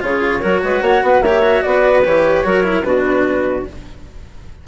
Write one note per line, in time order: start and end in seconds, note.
0.00 0.42 C#3
0.00 0.41 F4
0.00 0.40 G#4
0.00 0.83 C#5
0.40 0.63 F#3
0.40 1.22 F#4
0.40 0.60 A#4
0.63 0.81 G#3
0.63 0.83 B4
0.81 1.01 A#3
0.81 1.03 C#5
0.81 1.22 F#5
1.02 1.20 B3
1.02 1.23 B4
1.20 1.61 A#3
1.20 1.42 G4
1.20 1.63 C#5
1.20 1.62 E5
1.42 2.03 F#4
1.62 2.05 B3
1.62 2.45 B4
1.62 2.03 D5
2.04 2.44 E3
2.04 2.44 G4
2.04 2.83 C#5
2.44 2.83 F#3
2.44 2.63 F#4
2.44 2.85 A#4
2.63 2.83 E4
2.83 3.64 B2
2.83 3.66 D4
2.83 3.67 F#4
2.83 3.64 B4